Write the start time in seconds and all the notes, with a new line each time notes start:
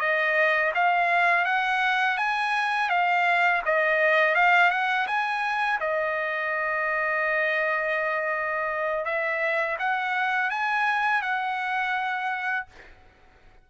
0.00 D#5
0.75 F5
1.45 F#5
2.18 G#5
2.90 F5
3.66 D#5
4.36 F5
4.71 F#5
5.07 G#5
5.81 D#5
9.05 E5
9.80 F#5
10.50 G#5
11.22 F#5